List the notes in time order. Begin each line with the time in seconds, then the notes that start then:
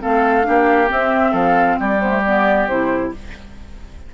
0.00 A3 C4 A4 F5
0.42 A#3 D4 G4
0.87 C4 E5
1.31 F3 A4 F5
1.79 G3 G4 D5
2.00 B3 C5
2.09 A3
2.24 B3 D5
2.67 C3 E4 C5